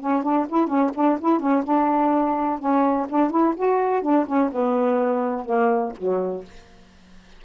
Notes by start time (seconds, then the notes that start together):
0.00 C#4
0.23 D4
0.49 E4
0.67 C#4
0.95 D4
1.20 E4
1.40 C#4
1.64 D4
2.59 C#4
3.09 D4
3.31 E4
3.56 F#4
4.02 D4
4.26 C#4
4.52 B3
5.45 A#3
5.97 F#3